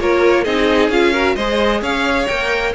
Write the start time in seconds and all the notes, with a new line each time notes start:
0.00 A#3 F4 A#4 C#5
0.44 C4 D#4 G#4 D#5
0.90 C#4 F4 F5
1.13 F#4 A#4
1.36 G#3 G#4 C5 D#5
1.82 C#4 C#5 F5
2.28 A#3 A#4 G5